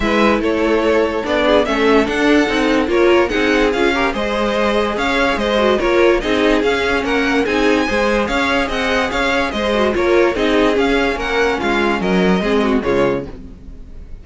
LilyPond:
<<
  \new Staff \with { instrumentName = "violin" } { \time 4/4 \tempo 4 = 145 e''4 cis''2 d''4 | e''4 fis''2 cis''4 | fis''4 f''4 dis''2 | f''4 dis''4 cis''4 dis''4 |
f''4 fis''4 gis''2 | f''4 fis''4 f''4 dis''4 | cis''4 dis''4 f''4 fis''4 | f''4 dis''2 cis''4 | }
  \new Staff \with { instrumentName = "violin" } { \time 4/4 b'4 a'2~ a'8 gis'8 | a'2. ais'4 | gis'4. ais'8 c''2 | cis''4 c''4 ais'4 gis'4~ |
gis'4 ais'4 gis'4 c''4 | cis''4 dis''4 cis''4 c''4 | ais'4 gis'2 ais'4 | f'4 ais'4 gis'8 fis'8 f'4 | }
  \new Staff \with { instrumentName = "viola" } { \time 4/4 e'2. d'4 | cis'4 d'4 dis'4 f'4 | dis'4 f'8 g'8 gis'2~ | gis'4. fis'8 f'4 dis'4 |
cis'2 dis'4 gis'4~ | gis'2.~ gis'8 fis'8 | f'4 dis'4 cis'2~ | cis'2 c'4 gis4 | }
  \new Staff \with { instrumentName = "cello" } { \time 4/4 gis4 a2 b4 | a4 d'4 c'4 ais4 | c'4 cis'4 gis2 | cis'4 gis4 ais4 c'4 |
cis'4 ais4 c'4 gis4 | cis'4 c'4 cis'4 gis4 | ais4 c'4 cis'4 ais4 | gis4 fis4 gis4 cis4 | }
>>